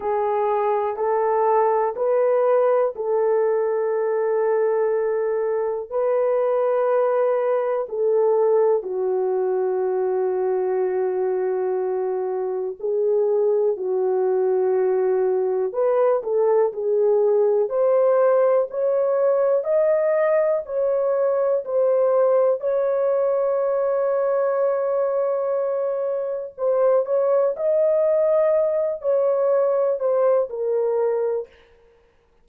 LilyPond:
\new Staff \with { instrumentName = "horn" } { \time 4/4 \tempo 4 = 61 gis'4 a'4 b'4 a'4~ | a'2 b'2 | a'4 fis'2.~ | fis'4 gis'4 fis'2 |
b'8 a'8 gis'4 c''4 cis''4 | dis''4 cis''4 c''4 cis''4~ | cis''2. c''8 cis''8 | dis''4. cis''4 c''8 ais'4 | }